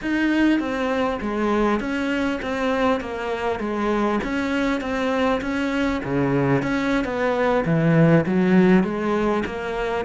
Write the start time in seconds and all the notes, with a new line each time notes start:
0.01 D#4
0.59 C4
1.21 G#3
1.79 C#4
2.42 C4
3.00 A#3
3.59 G#3
4.23 C#4
4.80 C4
5.41 C#4
6.04 C#3
6.62 C#4
7.04 B3
7.65 E3
8.26 F#3
8.83 G#3
9.45 A#3